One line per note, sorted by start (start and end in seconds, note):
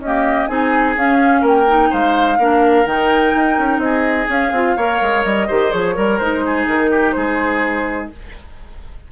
0.00 0.48 A#3
0.00 0.48 C#4
0.00 0.50 G4
0.00 0.47 D#5
0.47 0.96 C4
0.47 0.96 D#4
0.47 1.42 G#4
0.47 0.95 G#5
0.96 1.42 C#4
0.96 1.67 C#4
0.96 1.46 F5
1.42 1.90 A#3
1.42 1.89 A#4
1.42 1.93 G5
1.67 2.39 D#4
1.91 2.38 G#3
1.91 2.39 C5
1.91 2.87 F5
2.38 2.86 A#3
2.38 2.86 D4
2.38 3.82 A#4
2.86 3.33 D#3
2.86 4.29 D#4
2.86 3.80 G5
3.35 3.58 D#4
3.58 3.78 C#4
3.78 4.26 C4
3.78 4.77 G#4
3.78 4.28 D#5
4.29 4.52 C#4
4.29 5.25 F5
4.52 4.76 C4
4.52 4.78 F4
4.77 5.01 A#3
4.77 5.50 A#4
4.77 5.47 C#5
5.01 5.25 G#3
5.25 5.49 G3
5.25 5.72 D#5
5.47 5.73 D#3
5.47 5.71 G4
5.47 5.95 C5
5.71 5.97 F3
5.71 5.95 G#4
5.71 6.18 C#5
5.95 6.20 G3
5.95 6.19 A#4
5.95 6.45 A#4
6.18 6.67 G#3
6.18 8.12 D#4
6.18 6.66 C5
6.46 6.91 G#4
6.67 7.14 D#3
6.67 7.12 A#4
6.91 7.15 G4
7.12 8.12 G#3
7.12 8.12 G#4
7.12 8.07 C5